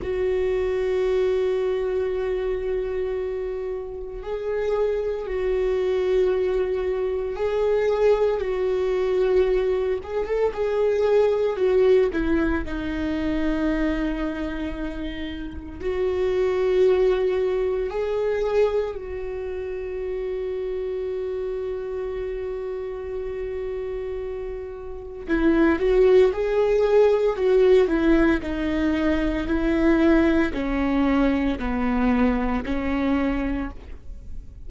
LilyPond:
\new Staff \with { instrumentName = "viola" } { \time 4/4 \tempo 4 = 57 fis'1 | gis'4 fis'2 gis'4 | fis'4. gis'16 a'16 gis'4 fis'8 e'8 | dis'2. fis'4~ |
fis'4 gis'4 fis'2~ | fis'1 | e'8 fis'8 gis'4 fis'8 e'8 dis'4 | e'4 cis'4 b4 cis'4 | }